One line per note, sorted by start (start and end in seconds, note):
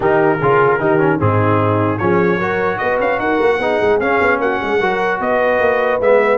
0.00 0.37 D#3
0.00 0.38 D#4
0.00 0.39 G4
0.00 1.20 A#4
0.39 0.80 C#3
0.39 0.79 F4
0.39 0.79 G#4
0.79 1.20 D#3
0.79 0.99 D#4
0.79 1.20 G4
0.99 1.19 C#4
1.19 2.00 G#2
1.19 1.99 C4
1.19 2.00 D#4
1.19 1.98 G#4
1.98 2.38 F3
1.98 2.40 C#4
1.98 2.38 G#4
1.98 2.78 C#5
2.38 2.78 F#3
2.38 3.60 F#4
2.38 2.78 A#4
2.78 2.99 B3
2.78 3.21 B4
2.78 2.98 D#5
2.99 3.18 C#4
2.99 3.19 F5
3.18 3.38 D#4
3.18 3.60 A#4
3.18 3.99 F#5
3.40 3.58 A#3
3.58 3.78 B3
3.58 4.00 D#4
3.58 4.40 G#4
3.81 3.99 G#3
3.99 4.19 C#4
3.99 4.80 C#4
3.99 4.40 F5
4.20 4.38 B3
4.38 4.58 A#3
4.38 4.60 F#4
4.38 5.20 F#5
4.60 4.79 G#3
4.60 4.78 G#4
4.78 5.19 F#3
4.78 6.00 F#4
4.78 5.18 A#4
5.20 5.59 B3
5.20 6.37 B4
5.20 6.01 D#5
5.59 5.99 A#3
6.00 6.37 G#3
6.00 6.37 B3
6.00 6.37 E5